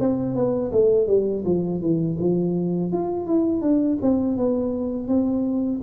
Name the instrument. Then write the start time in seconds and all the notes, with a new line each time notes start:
tuba
0.00 C4
0.35 B3
0.72 A3
1.07 G3
1.45 F3
1.81 E3
2.19 F3
2.93 F4
3.27 E4
3.62 D4
4.02 C4
4.38 B3
5.08 C4